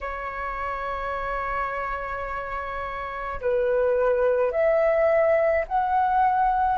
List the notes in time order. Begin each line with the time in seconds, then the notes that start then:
0.00 C#5
3.40 B4
4.51 E5
5.67 F#5